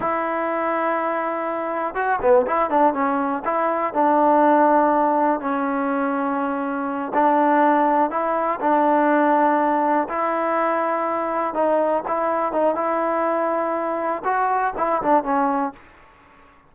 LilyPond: \new Staff \with { instrumentName = "trombone" } { \time 4/4 \tempo 4 = 122 e'1 | fis'8 b8 e'8 d'8 cis'4 e'4 | d'2. cis'4~ | cis'2~ cis'8 d'4.~ |
d'8 e'4 d'2~ d'8~ | d'8 e'2. dis'8~ | dis'8 e'4 dis'8 e'2~ | e'4 fis'4 e'8 d'8 cis'4 | }